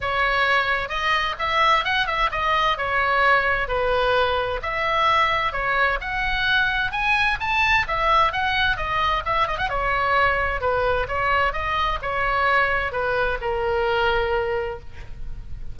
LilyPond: \new Staff \with { instrumentName = "oboe" } { \time 4/4 \tempo 4 = 130 cis''2 dis''4 e''4 | fis''8 e''8 dis''4 cis''2 | b'2 e''2 | cis''4 fis''2 gis''4 |
a''4 e''4 fis''4 dis''4 | e''8 dis''16 fis''16 cis''2 b'4 | cis''4 dis''4 cis''2 | b'4 ais'2. | }